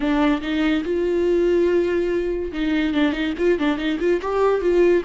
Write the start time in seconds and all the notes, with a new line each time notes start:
0.00 D4
0.41 D#4
0.84 F4
2.52 D#4
2.94 D4
3.12 D#4
3.38 F4
3.59 D4
3.77 D#4
3.99 F4
4.21 G4
4.61 F4